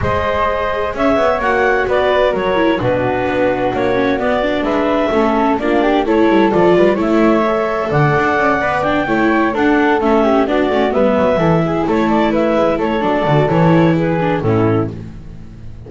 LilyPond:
<<
  \new Staff \with { instrumentName = "clarinet" } { \time 4/4 \tempo 4 = 129 dis''2 e''4 fis''4 | d''4 cis''4 b'2 | cis''4 d''4 e''2 | d''4 cis''4 d''4 e''4~ |
e''4 fis''2 g''4~ | g''8 fis''4 e''4 d''4 e''8~ | e''4. cis''8 d''8 e''4 cis''8 | d''4 cis''4 b'4 a'4 | }
  \new Staff \with { instrumentName = "flute" } { \time 4/4 c''2 cis''2 | b'4 ais'4 fis'2~ | fis'2 b'4 a'4 | f'8 g'8 a'4. b'8 cis''4~ |
cis''4 d''2~ d''8 cis''8~ | cis''8 a'4. g'8 fis'4 b'8~ | b'8 a'8 gis'8 a'4 b'4 a'8~ | a'2 gis'4 e'4 | }
  \new Staff \with { instrumentName = "viola" } { \time 4/4 gis'2. fis'4~ | fis'4. e'8 d'2~ | d'8 cis'8 b8 d'4. cis'4 | d'4 e'4 f'4 e'4 |
a'2~ a'8 b'8 d'8 e'8~ | e'8 d'4 cis'4 d'8 cis'8 b8~ | b8 e'2.~ e'8 | d'8 fis'8 e'4. d'8 cis'4 | }
  \new Staff \with { instrumentName = "double bass" } { \time 4/4 gis2 cis'8 b8 ais4 | b4 fis4 b,4 b4 | ais4 b4 gis4 a4 | ais4 a8 g8 f8 g8 a4~ |
a4 d8 d'8 cis'8 b4 a8~ | a8 d'4 a4 b8 a8 g8 | fis8 e4 a4. gis8 a8 | fis8 d8 e2 a,4 | }
>>